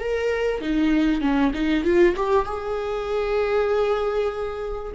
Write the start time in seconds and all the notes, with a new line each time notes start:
0.00 A#4
0.61 D#4
1.21 C#4
1.54 D#4
1.85 F4
2.16 G4
2.46 G#4